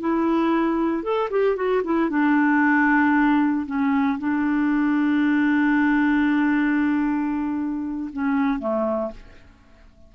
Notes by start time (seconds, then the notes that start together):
0.00 E4
1.03 A4
1.30 G4
1.56 F#4
1.84 E4
2.10 D4
3.66 C#4
4.19 D4
8.13 C#4
8.59 A3